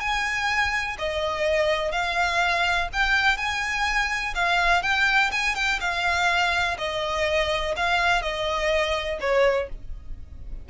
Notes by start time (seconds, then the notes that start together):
0.00 G#5
0.98 D#5
1.92 F5
2.93 G5
3.37 G#5
4.35 F5
4.83 G5
5.32 G#5
5.55 G5
5.80 F5
6.78 D#5
7.77 F5
8.22 D#5
9.20 C#5